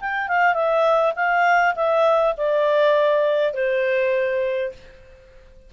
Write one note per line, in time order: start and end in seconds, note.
0.00 0.28 G5
0.28 0.54 F5
0.54 1.13 E5
1.15 1.75 F5
1.75 2.34 E5
2.37 3.53 D5
3.53 4.72 C5